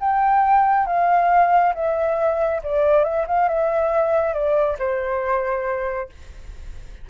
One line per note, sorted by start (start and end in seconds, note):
0.00 0.87 G5
0.87 1.74 F5
1.75 2.62 E5
2.63 3.04 D5
3.04 3.26 E5
3.27 3.48 F5
3.48 4.34 E5
4.34 4.77 D5
4.79 6.09 C5